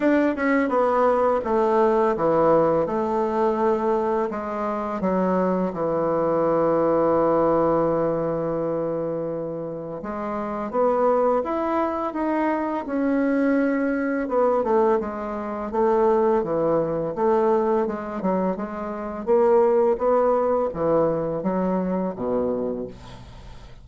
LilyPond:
\new Staff \with { instrumentName = "bassoon" } { \time 4/4 \tempo 4 = 84 d'8 cis'8 b4 a4 e4 | a2 gis4 fis4 | e1~ | e2 gis4 b4 |
e'4 dis'4 cis'2 | b8 a8 gis4 a4 e4 | a4 gis8 fis8 gis4 ais4 | b4 e4 fis4 b,4 | }